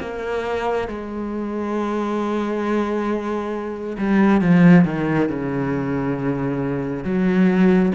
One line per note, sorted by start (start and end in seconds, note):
0.00 0.88 A#3
0.88 3.97 G#3
3.98 4.41 G3
4.41 4.85 F3
4.85 5.29 D#3
5.29 7.04 C#3
7.04 7.92 F#3